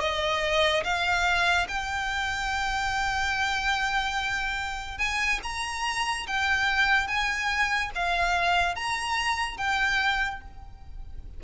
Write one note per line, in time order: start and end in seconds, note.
0.00 0.83 D#5
0.83 1.67 F5
1.68 4.98 G5
4.98 5.39 G#5
5.43 6.26 A#5
6.27 7.07 G5
7.07 7.91 G#5
7.95 8.75 F5
8.75 9.57 A#5
9.57 10.40 G5